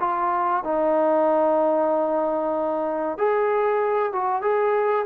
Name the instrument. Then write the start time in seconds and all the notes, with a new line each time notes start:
trombone
0.00 F4
0.64 D#4
3.18 G#4
4.13 F#4
4.42 G#4